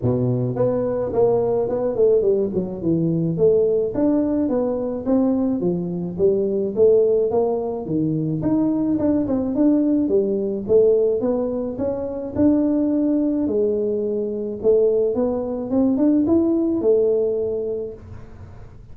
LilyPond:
\new Staff \with { instrumentName = "tuba" } { \time 4/4 \tempo 4 = 107 b,4 b4 ais4 b8 a8 | g8 fis8 e4 a4 d'4 | b4 c'4 f4 g4 | a4 ais4 dis4 dis'4 |
d'8 c'8 d'4 g4 a4 | b4 cis'4 d'2 | gis2 a4 b4 | c'8 d'8 e'4 a2 | }